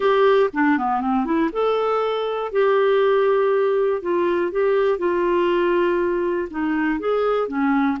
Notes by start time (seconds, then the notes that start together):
0.00 G4
0.53 D4
0.78 B3
1.00 C4
1.25 E4
1.52 A4
2.52 G4
4.02 F4
4.51 G4
4.98 F4
6.50 D#4
6.99 G#4
7.48 C#4